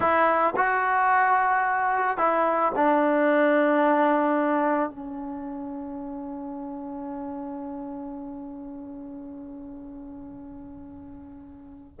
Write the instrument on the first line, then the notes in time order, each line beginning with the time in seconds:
trombone
0.00 E4
0.56 F#4
2.17 E4
2.75 D4
4.89 C#4